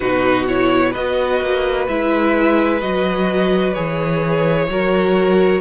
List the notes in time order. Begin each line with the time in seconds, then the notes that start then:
0.00 B2 D#4 F#4 B4
0.47 E4 C#5
0.90 B3 F#4 B4 D#5
1.40 A#3
1.88 G#3 E4 E5
2.80 F#3 F#4 D#5
3.73 E3 G#4 C#5
4.69 F#3 F#4 A#4